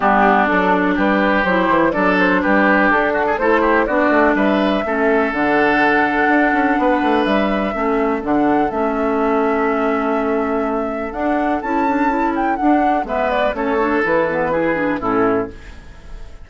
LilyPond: <<
  \new Staff \with { instrumentName = "flute" } { \time 4/4 \tempo 4 = 124 g'4 a'4 b'4 c''4 | d''8 c''8 b'4 a'4 c''4 | d''4 e''2 fis''4~ | fis''2. e''4~ |
e''4 fis''4 e''2~ | e''2. fis''4 | a''4. g''8 fis''4 e''8 d''8 | cis''4 b'2 a'4 | }
  \new Staff \with { instrumentName = "oboe" } { \time 4/4 d'2 g'2 | a'4 g'4. fis'16 gis'16 a'8 g'8 | fis'4 b'4 a'2~ | a'2 b'2 |
a'1~ | a'1~ | a'2. b'4 | a'2 gis'4 e'4 | }
  \new Staff \with { instrumentName = "clarinet" } { \time 4/4 b4 d'2 e'4 | d'2. e'4 | d'2 cis'4 d'4~ | d'1 |
cis'4 d'4 cis'2~ | cis'2. d'4 | e'8 d'8 e'4 d'4 b4 | cis'8 d'8 e'8 b8 e'8 d'8 cis'4 | }
  \new Staff \with { instrumentName = "bassoon" } { \time 4/4 g4 fis4 g4 fis8 e8 | fis4 g4 d'4 a4 | b8 a8 g4 a4 d4~ | d4 d'8 cis'8 b8 a8 g4 |
a4 d4 a2~ | a2. d'4 | cis'2 d'4 gis4 | a4 e2 a,4 | }
>>